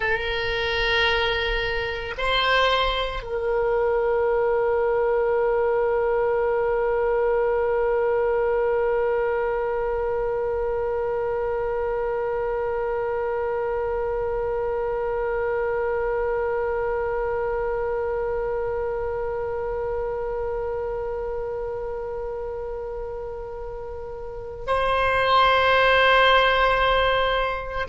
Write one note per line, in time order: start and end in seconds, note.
0.00 2.14 A#4
2.17 3.22 C5
3.22 24.65 A#4
24.66 27.88 C5